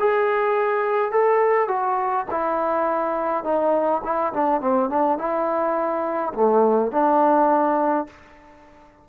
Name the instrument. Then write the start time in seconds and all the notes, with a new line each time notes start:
trombone
0.00 G#4
1.12 A4
1.68 F#4
2.31 E4
3.44 D#4
4.04 E4
4.33 D4
4.61 C4
4.90 D4
5.18 E4
6.34 A3
6.92 D4